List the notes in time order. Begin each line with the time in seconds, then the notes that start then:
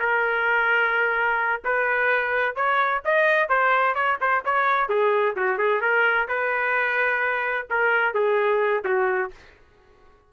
0.00 A#4
1.65 B4
2.56 C#5
3.05 D#5
3.49 C5
3.95 C#5
4.21 C5
4.45 C#5
4.89 G#4
5.37 F#4
5.58 G#4
5.82 A#4
6.28 B4
7.70 A#4
8.15 G#4
8.85 F#4